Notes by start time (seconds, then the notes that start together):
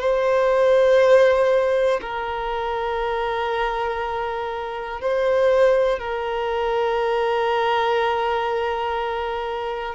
0.00 C5
2.02 A#4
5.01 C5
6.00 A#4